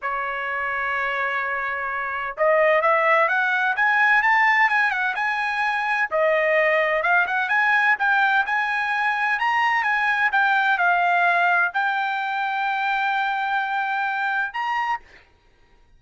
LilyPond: \new Staff \with { instrumentName = "trumpet" } { \time 4/4 \tempo 4 = 128 cis''1~ | cis''4 dis''4 e''4 fis''4 | gis''4 a''4 gis''8 fis''8 gis''4~ | gis''4 dis''2 f''8 fis''8 |
gis''4 g''4 gis''2 | ais''4 gis''4 g''4 f''4~ | f''4 g''2.~ | g''2. ais''4 | }